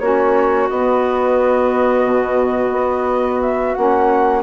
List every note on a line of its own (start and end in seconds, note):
0.00 0.69 A#3
0.00 0.70 C#4
0.00 4.43 F#4
0.00 0.68 C#5
0.69 2.05 B3
0.69 3.76 B3
0.69 3.42 D#5
2.05 2.72 B2
2.72 3.75 B3
3.42 3.75 E5
3.75 4.43 A#3
3.75 4.43 C#4
3.75 4.43 F#5